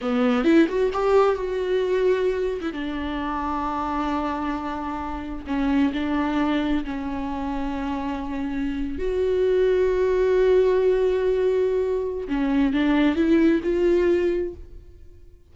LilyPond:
\new Staff \with { instrumentName = "viola" } { \time 4/4 \tempo 4 = 132 b4 e'8 fis'8 g'4 fis'4~ | fis'4.~ fis'16 e'16 d'2~ | d'1 | cis'4 d'2 cis'4~ |
cis'2.~ cis'8. fis'16~ | fis'1~ | fis'2. cis'4 | d'4 e'4 f'2 | }